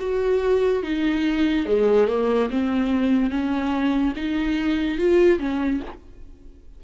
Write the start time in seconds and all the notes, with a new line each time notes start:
0.00 F#4
0.83 D#4
1.66 G#3
2.08 A#3
2.51 C4
3.31 C#4
4.16 D#4
4.98 F4
5.39 C#4